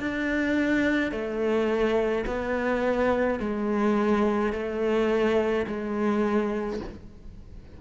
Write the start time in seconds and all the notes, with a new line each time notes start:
0.00 D4
1.12 A3
2.26 B3
3.40 G#3
4.53 A3
5.67 G#3